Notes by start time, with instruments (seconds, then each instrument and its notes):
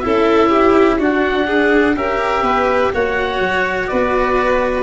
0.00 tuba C#4, cello E4, violin A4, oboe E5
0.49 violin G4
0.99 tuba D4, cello D4, violin F#4, oboe F#5
1.47 violin G#4
1.95 tuba C#4, cello G4, violin A#4, oboe E5
2.42 tuba B3, violin B4
2.93 tuba A#3, cello F#4, violin C#5, oboe F#5
3.40 tuba F#3
3.87 tuba B3, violin B4, oboe D5